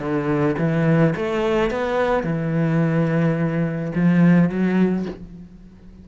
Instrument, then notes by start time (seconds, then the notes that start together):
cello
0.00 D3
0.58 E3
1.16 A3
1.71 B3
2.24 E3
3.96 F3
4.50 F#3